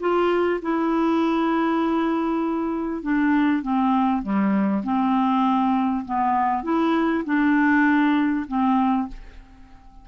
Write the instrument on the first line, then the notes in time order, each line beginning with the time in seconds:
clarinet
0.00 F4
0.62 E4
3.03 D4
3.63 C4
4.23 G3
4.84 C4
6.05 B3
6.63 E4
7.25 D4
8.48 C4